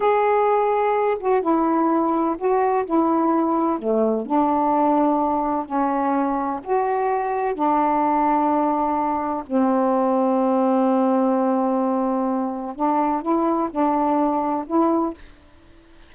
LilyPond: \new Staff \with { instrumentName = "saxophone" } { \time 4/4 \tempo 4 = 127 gis'2~ gis'8 fis'8 e'4~ | e'4 fis'4 e'2 | a4 d'2. | cis'2 fis'2 |
d'1 | c'1~ | c'2. d'4 | e'4 d'2 e'4 | }